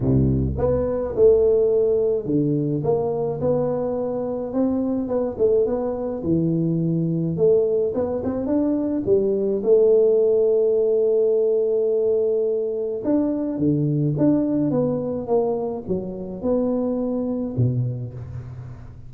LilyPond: \new Staff \with { instrumentName = "tuba" } { \time 4/4 \tempo 4 = 106 c,4 b4 a2 | d4 ais4 b2 | c'4 b8 a8 b4 e4~ | e4 a4 b8 c'8 d'4 |
g4 a2.~ | a2. d'4 | d4 d'4 b4 ais4 | fis4 b2 b,4 | }